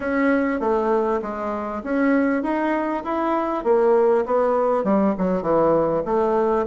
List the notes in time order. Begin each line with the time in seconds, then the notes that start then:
0.00 C#4
0.60 A3
1.21 G#3
1.83 C#4
2.42 D#4
3.04 E4
3.64 A#3
4.25 B3
4.84 G3
5.18 F#3
5.42 E3
6.05 A3